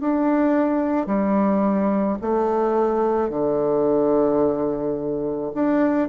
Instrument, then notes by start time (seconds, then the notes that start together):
bassoon
0.00 D4
1.06 G3
2.21 A3
3.29 D3
5.54 D4